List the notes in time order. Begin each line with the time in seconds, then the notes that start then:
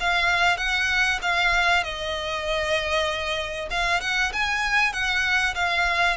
0.00 F5
0.57 F#5
1.22 F5
1.83 D#5
3.70 F5
4.01 F#5
4.33 G#5
4.93 F#5
5.55 F5